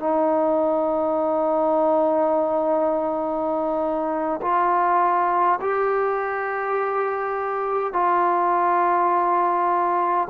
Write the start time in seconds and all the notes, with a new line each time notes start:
0.00 D#4
4.42 F4
5.61 G4
7.94 F4